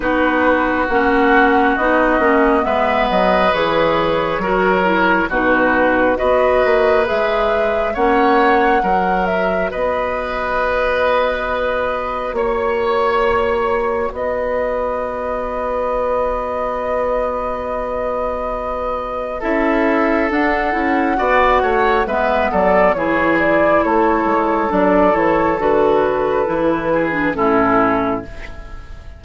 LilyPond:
<<
  \new Staff \with { instrumentName = "flute" } { \time 4/4 \tempo 4 = 68 b'4 fis''4 dis''4 e''8 dis''8 | cis''2 b'4 dis''4 | e''4 fis''4. e''8 dis''4~ | dis''2 cis''2 |
dis''1~ | dis''2 e''4 fis''4~ | fis''4 e''8 d''8 cis''8 d''8 cis''4 | d''8 cis''8 b'2 a'4 | }
  \new Staff \with { instrumentName = "oboe" } { \time 4/4 fis'2. b'4~ | b'4 ais'4 fis'4 b'4~ | b'4 cis''4 ais'4 b'4~ | b'2 cis''2 |
b'1~ | b'2 a'2 | d''8 cis''8 b'8 a'8 gis'4 a'4~ | a'2~ a'8 gis'8 e'4 | }
  \new Staff \with { instrumentName = "clarinet" } { \time 4/4 dis'4 cis'4 dis'8 cis'8 b4 | gis'4 fis'8 e'8 dis'4 fis'4 | gis'4 cis'4 fis'2~ | fis'1~ |
fis'1~ | fis'2 e'4 d'8 e'8 | fis'4 b4 e'2 | d'8 e'8 fis'4 e'8. d'16 cis'4 | }
  \new Staff \with { instrumentName = "bassoon" } { \time 4/4 b4 ais4 b8 ais8 gis8 fis8 | e4 fis4 b,4 b8 ais8 | gis4 ais4 fis4 b4~ | b2 ais2 |
b1~ | b2 cis'4 d'8 cis'8 | b8 a8 gis8 fis8 e4 a8 gis8 | fis8 e8 d4 e4 a,4 | }
>>